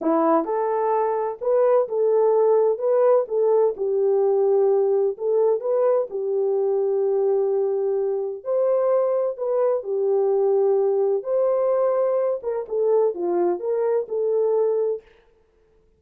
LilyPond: \new Staff \with { instrumentName = "horn" } { \time 4/4 \tempo 4 = 128 e'4 a'2 b'4 | a'2 b'4 a'4 | g'2. a'4 | b'4 g'2.~ |
g'2 c''2 | b'4 g'2. | c''2~ c''8 ais'8 a'4 | f'4 ais'4 a'2 | }